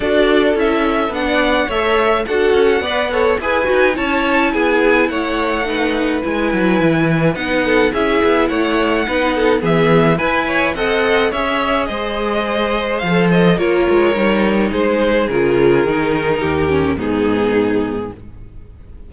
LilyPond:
<<
  \new Staff \with { instrumentName = "violin" } { \time 4/4 \tempo 4 = 106 d''4 e''4 fis''4 e''4 | fis''2 gis''4 a''4 | gis''4 fis''2 gis''4~ | gis''4 fis''4 e''4 fis''4~ |
fis''4 e''4 gis''4 fis''4 | e''4 dis''2 f''8 dis''8 | cis''2 c''4 ais'4~ | ais'2 gis'2 | }
  \new Staff \with { instrumentName = "violin" } { \time 4/4 a'2~ a'16 d''8. cis''4 | a'4 d''8 cis''8 b'4 cis''4 | gis'4 cis''4 b'2~ | b'4. a'8 gis'4 cis''4 |
b'8 a'8 gis'4 b'8 cis''8 dis''4 | cis''4 c''2. | ais'2 gis'2~ | gis'4 g'4 dis'2 | }
  \new Staff \with { instrumentName = "viola" } { \time 4/4 fis'4 e'4 d'4 a'4 | fis'4 b'8 a'8 gis'8 fis'8 e'4~ | e'2 dis'4 e'4~ | e'4 dis'4 e'2 |
dis'4 b4 b'4 a'4 | gis'2. a'4 | f'4 dis'2 f'4 | dis'4. cis'8 b2 | }
  \new Staff \with { instrumentName = "cello" } { \time 4/4 d'4 cis'4 b4 a4 | d'8 cis'8 b4 e'8 dis'8 cis'4 | b4 a2 gis8 fis8 | e4 b4 cis'8 b8 a4 |
b4 e4 e'4 c'4 | cis'4 gis2 f4 | ais8 gis8 g4 gis4 cis4 | dis4 dis,4 gis,2 | }
>>